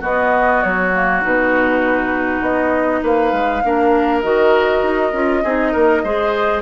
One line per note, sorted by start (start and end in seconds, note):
0.00 0.92 B3
0.00 0.62 B3
0.00 3.00 F#4
0.00 0.62 D#5
0.62 1.24 F#3
0.62 1.22 C#5
0.92 1.22 A#3
1.22 2.41 B2
1.22 3.62 D#4
1.22 2.42 B4
2.41 3.01 B3
2.41 3.02 D#5
3.02 3.32 A#3
3.02 3.63 B4
3.02 4.21 F5
3.32 3.62 G#3
3.64 4.24 A#3
3.64 4.22 D4
3.64 5.43 A#4
4.21 4.82 D#3
4.21 5.12 F#4
4.21 6.61 D#5
4.82 5.12 D#4
5.12 5.42 C#4
5.12 5.43 F4
5.43 5.73 C4
5.43 6.04 D#4
5.43 5.71 G#4
5.71 6.03 A#3
5.71 6.02 A#4
6.03 6.61 G#3
6.03 6.61 G#4
6.03 6.61 C5